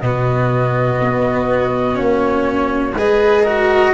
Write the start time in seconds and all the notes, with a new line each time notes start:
0.00 B2 B3 F#4 D#5
1.00 B3
1.94 A#3 C#4 C#5
2.95 G#3 G#4 B4 D#5
3.43 F#4 A#4